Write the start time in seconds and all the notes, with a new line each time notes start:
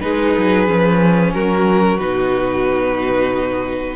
0.00 G#3 D#4 G#4 B4
0.38 F#3
0.67 F3 C#4
1.34 F#3 F#4 A#4
1.99 B2 D#4 B4